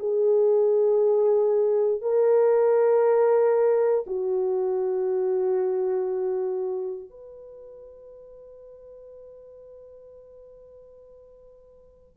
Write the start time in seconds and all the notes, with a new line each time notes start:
0.00 G#4
2.02 A#4
4.07 F#4
7.10 B4